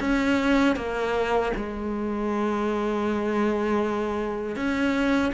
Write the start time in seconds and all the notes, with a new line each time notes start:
0.00 C#4
0.76 A#3
1.57 G#3
4.56 C#4